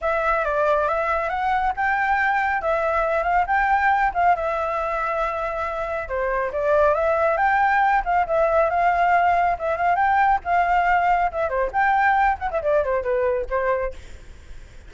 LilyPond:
\new Staff \with { instrumentName = "flute" } { \time 4/4 \tempo 4 = 138 e''4 d''4 e''4 fis''4 | g''2 e''4. f''8 | g''4. f''8 e''2~ | e''2 c''4 d''4 |
e''4 g''4. f''8 e''4 | f''2 e''8 f''8 g''4 | f''2 e''8 c''8 g''4~ | g''8 fis''16 e''16 d''8 c''8 b'4 c''4 | }